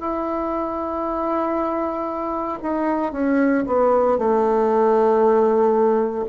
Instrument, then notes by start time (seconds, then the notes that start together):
bassoon
0.00 E4
2.62 D#4
3.12 C#4
3.66 B3
4.18 A3